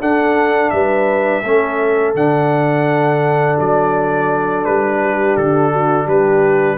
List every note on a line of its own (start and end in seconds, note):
0.00 1.43 D4
0.00 0.72 D4
0.00 0.72 A4
0.00 0.70 F#5
0.70 1.42 G3
0.70 1.43 B4
0.70 2.12 E5
1.42 2.14 A3
1.42 2.14 C#4
1.42 5.00 A4
2.14 3.57 D3
2.14 6.77 D4
2.14 3.59 F#5
3.59 4.65 F#3
3.59 4.64 D5
4.64 5.36 G3
4.64 5.36 B4
5.02 5.72 G4
5.36 6.07 D3
5.36 6.08 A4
5.72 6.04 F#4
6.04 6.77 G3
6.04 6.76 G4
6.04 6.77 B4